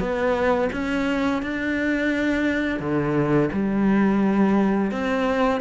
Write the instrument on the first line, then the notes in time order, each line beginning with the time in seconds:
cello
0.00 B3
0.73 C#4
1.42 D4
2.80 D3
3.53 G3
4.92 C4